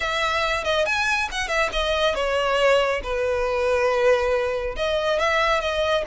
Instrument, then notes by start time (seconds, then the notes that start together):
violin
0.00 E5
0.64 D#5
0.85 G#5
1.31 F#5
1.48 E5
1.72 D#5
2.14 C#5
3.03 B4
4.76 D#5
5.19 E5
5.61 D#5